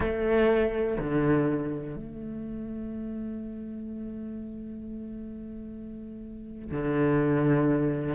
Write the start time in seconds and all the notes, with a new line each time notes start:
0.00 A3
0.98 D3
1.96 A3
6.71 D3